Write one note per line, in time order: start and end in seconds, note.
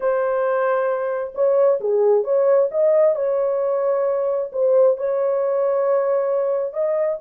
0.00 1.33 C5
1.35 1.80 C#5
1.80 2.23 G#4
2.23 2.68 C#5
2.71 3.15 D#5
3.15 4.51 C#5
4.52 4.97 C5
4.97 6.73 C#5
6.73 7.18 D#5